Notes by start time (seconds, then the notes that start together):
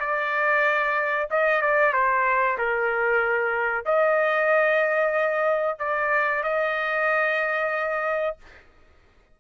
0.00 D5
1.30 D#5
1.62 D5
1.93 C5
2.58 A#4
3.85 D#5
5.79 D5
6.43 D#5